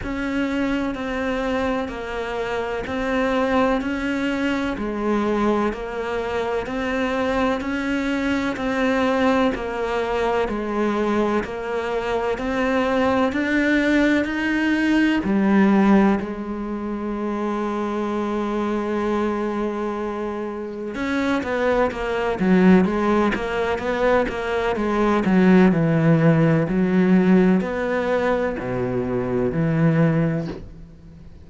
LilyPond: \new Staff \with { instrumentName = "cello" } { \time 4/4 \tempo 4 = 63 cis'4 c'4 ais4 c'4 | cis'4 gis4 ais4 c'4 | cis'4 c'4 ais4 gis4 | ais4 c'4 d'4 dis'4 |
g4 gis2.~ | gis2 cis'8 b8 ais8 fis8 | gis8 ais8 b8 ais8 gis8 fis8 e4 | fis4 b4 b,4 e4 | }